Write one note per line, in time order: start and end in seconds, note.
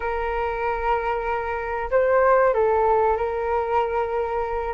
0.00 1.89 A#4
1.91 2.53 C5
2.53 3.16 A4
3.16 4.74 A#4